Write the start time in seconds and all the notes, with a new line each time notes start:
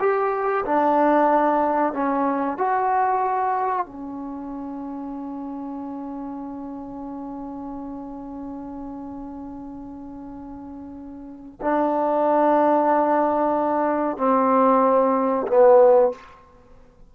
0.00 G4
0.65 D4
1.93 C#4
2.58 F#4
3.86 C#4
11.62 D4
14.18 C4
15.48 B3